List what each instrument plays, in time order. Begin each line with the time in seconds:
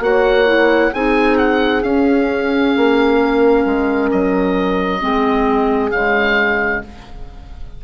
0.00 bassoon A#3, clarinet F#4, horn C#5, oboe F#5
0.46 clarinet E4
0.93 bassoon C4, clarinet D#4, horn G#4, oboe G#5
1.38 oboe F#5
1.83 clarinet C#4, bassoon C#4, oboe F5
2.77 bassoon A#3
3.23 horn A#4
3.66 bassoon G#3
4.12 bassoon F#3, oboe D#5
5.00 bassoon G#3, clarinet C4, horn G#4
5.91 bassoon C#3, clarinet G#3, oboe F5